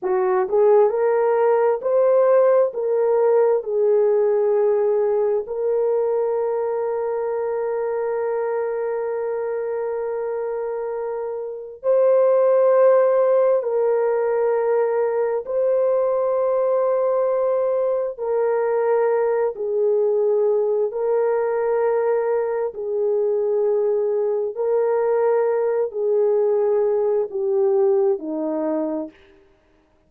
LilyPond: \new Staff \with { instrumentName = "horn" } { \time 4/4 \tempo 4 = 66 fis'8 gis'8 ais'4 c''4 ais'4 | gis'2 ais'2~ | ais'1~ | ais'4 c''2 ais'4~ |
ais'4 c''2. | ais'4. gis'4. ais'4~ | ais'4 gis'2 ais'4~ | ais'8 gis'4. g'4 dis'4 | }